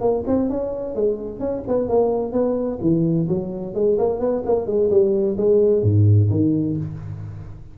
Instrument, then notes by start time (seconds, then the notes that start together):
tuba
0.00 A#3
0.26 C4
0.49 C#4
0.95 G#3
1.39 C#4
1.67 B3
1.88 A#3
2.32 B3
2.81 E3
3.28 F#3
3.74 G#3
3.98 A#3
4.19 B3
4.45 A#3
4.66 G#3
4.90 G3
5.37 G#3
5.82 G#2
6.30 D#3